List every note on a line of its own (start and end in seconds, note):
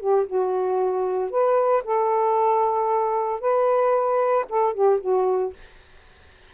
0.00 0.26 G4
0.27 1.31 F#4
1.31 1.84 B4
1.85 3.41 A4
3.41 4.46 B4
4.50 4.74 A4
4.74 5.00 G4
5.01 5.54 F#4